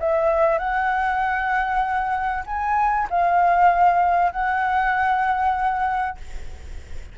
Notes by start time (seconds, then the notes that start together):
0.00 E5
0.58 F#5
2.46 G#5
3.10 F5
4.32 F#5